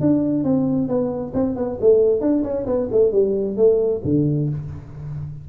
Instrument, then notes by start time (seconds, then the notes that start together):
tuba
0.00 D4
0.44 C4
0.88 B3
1.34 C4
1.56 B3
1.81 A3
2.20 D4
2.43 C#4
2.66 B3
2.91 A3
3.12 G3
3.57 A3
4.04 D3